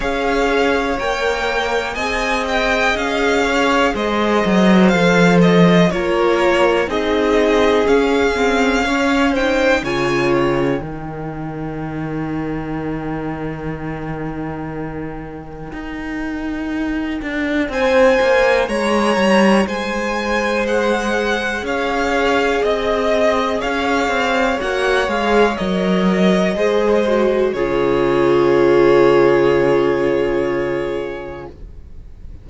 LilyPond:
<<
  \new Staff \with { instrumentName = "violin" } { \time 4/4 \tempo 4 = 61 f''4 g''4 gis''8 g''8 f''4 | dis''4 f''8 dis''8 cis''4 dis''4 | f''4. g''8 gis''8 g''4.~ | g''1~ |
g''2 gis''4 ais''4 | gis''4 fis''4 f''4 dis''4 | f''4 fis''8 f''8 dis''2 | cis''1 | }
  \new Staff \with { instrumentName = "violin" } { \time 4/4 cis''2 dis''4. cis''8 | c''2 ais'4 gis'4~ | gis'4 cis''8 c''8 cis''4 ais'4~ | ais'1~ |
ais'2 c''4 cis''4 | c''2 cis''4 dis''4 | cis''2. c''4 | gis'1 | }
  \new Staff \with { instrumentName = "viola" } { \time 4/4 gis'4 ais'4 gis'2~ | gis'4 a'4 f'4 dis'4 | cis'8 c'8 cis'8 dis'8 f'4 dis'4~ | dis'1~ |
dis'1~ | dis'4 gis'2.~ | gis'4 fis'8 gis'8 ais'4 gis'8 fis'8 | f'1 | }
  \new Staff \with { instrumentName = "cello" } { \time 4/4 cis'4 ais4 c'4 cis'4 | gis8 fis8 f4 ais4 c'4 | cis'2 cis4 dis4~ | dis1 |
dis'4. d'8 c'8 ais8 gis8 g8 | gis2 cis'4 c'4 | cis'8 c'8 ais8 gis8 fis4 gis4 | cis1 | }
>>